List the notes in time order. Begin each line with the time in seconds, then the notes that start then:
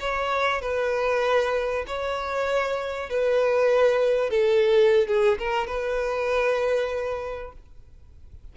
0.00 C#5
0.62 B4
1.87 C#5
3.10 B4
4.30 A4
5.07 G#4
5.39 A#4
5.67 B4